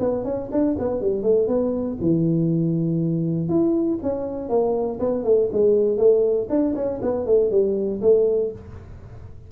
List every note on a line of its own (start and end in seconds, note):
0.00 0.25 B3
0.25 0.50 C#4
0.52 0.77 D4
0.79 1.02 B3
1.02 1.23 G3
1.23 1.48 A3
1.48 1.98 B3
2.01 3.50 E3
3.50 4.00 E4
4.03 4.50 C#4
4.50 5.00 A#3
5.00 5.25 B3
5.25 5.50 A3
5.53 5.98 G#3
5.98 6.48 A3
6.50 6.75 D4
6.76 7.01 C#4
7.02 7.27 B3
7.27 7.51 A3
7.51 8.01 G3
8.02 8.52 A3